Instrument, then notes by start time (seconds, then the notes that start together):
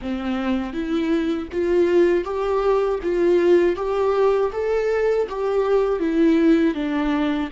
viola
0.01 C4
0.73 E4
1.52 F4
2.24 G4
3.02 F4
3.76 G4
4.52 A4
5.29 G4
5.99 E4
6.74 D4